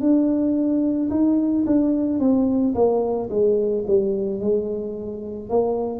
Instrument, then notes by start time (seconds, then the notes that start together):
tuba
0.00 D4
1.10 D#4
1.66 D4
2.19 C4
2.74 A#3
3.30 G#3
3.87 G3
4.40 G#3
5.49 A#3